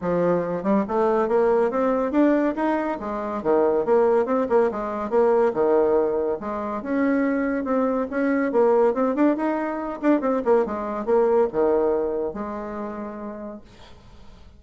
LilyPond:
\new Staff \with { instrumentName = "bassoon" } { \time 4/4 \tempo 4 = 141 f4. g8 a4 ais4 | c'4 d'4 dis'4 gis4 | dis4 ais4 c'8 ais8 gis4 | ais4 dis2 gis4 |
cis'2 c'4 cis'4 | ais4 c'8 d'8 dis'4. d'8 | c'8 ais8 gis4 ais4 dis4~ | dis4 gis2. | }